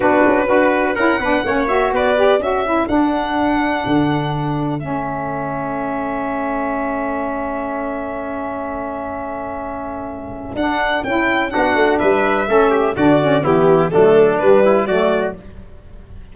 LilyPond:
<<
  \new Staff \with { instrumentName = "violin" } { \time 4/4 \tempo 4 = 125 b'2 fis''4. e''8 | d''4 e''4 fis''2~ | fis''2 e''2~ | e''1~ |
e''1~ | e''2 fis''4 g''4 | fis''4 e''2 d''4 | g'4 a'4 b'4 d''4 | }
  \new Staff \with { instrumentName = "trumpet" } { \time 4/4 fis'4 b'4 ais'8 b'8 cis''4 | b'4 a'2.~ | a'1~ | a'1~ |
a'1~ | a'1 | fis'4 b'4 a'8 g'8 fis'4 | e'4 d'4. e'8 fis'4 | }
  \new Staff \with { instrumentName = "saxophone" } { \time 4/4 d'4 fis'4 e'8 d'8 cis'8 fis'8~ | fis'8 g'8 fis'8 e'8 d'2~ | d'2 cis'2~ | cis'1~ |
cis'1~ | cis'2 d'4 e'4 | d'2 cis'4 d'8 cis'8 | b4 a4 g4 a4 | }
  \new Staff \with { instrumentName = "tuba" } { \time 4/4 b8 cis'8 d'4 cis'8 b8 ais4 | b4 cis'4 d'2 | d2 a2~ | a1~ |
a1~ | a2 d'4 cis'4 | b8 a8 g4 a4 d4 | e4 fis4 g4 fis4 | }
>>